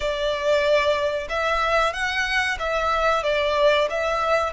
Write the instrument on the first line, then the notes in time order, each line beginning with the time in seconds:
violin
0.00 D5
1.29 E5
1.93 F#5
2.59 E5
3.23 D5
3.90 E5